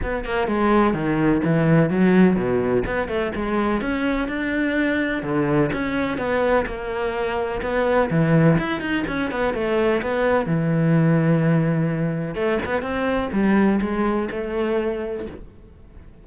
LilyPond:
\new Staff \with { instrumentName = "cello" } { \time 4/4 \tempo 4 = 126 b8 ais8 gis4 dis4 e4 | fis4 b,4 b8 a8 gis4 | cis'4 d'2 d4 | cis'4 b4 ais2 |
b4 e4 e'8 dis'8 cis'8 b8 | a4 b4 e2~ | e2 a8 b8 c'4 | g4 gis4 a2 | }